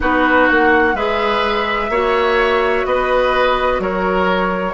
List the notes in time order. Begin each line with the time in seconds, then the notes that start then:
0.00 B3 D#4 F#4 B4
0.48 A#3 F#5
0.93 G#3 G#4 B4 E5
1.89 A#3 F#4 C#5
2.85 B3 B4 D#5
3.79 F#3 A#4 C#5